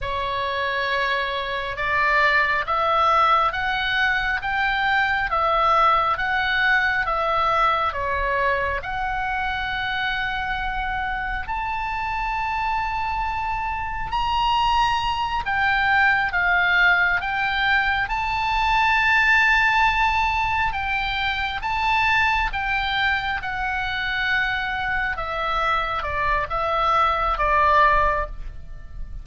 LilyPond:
\new Staff \with { instrumentName = "oboe" } { \time 4/4 \tempo 4 = 68 cis''2 d''4 e''4 | fis''4 g''4 e''4 fis''4 | e''4 cis''4 fis''2~ | fis''4 a''2. |
ais''4. g''4 f''4 g''8~ | g''8 a''2. g''8~ | g''8 a''4 g''4 fis''4.~ | fis''8 e''4 d''8 e''4 d''4 | }